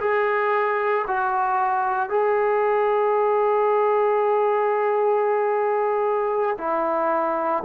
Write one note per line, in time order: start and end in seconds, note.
0.00 1.05 G#4
1.07 2.09 F#4
2.09 6.56 G#4
6.58 7.63 E4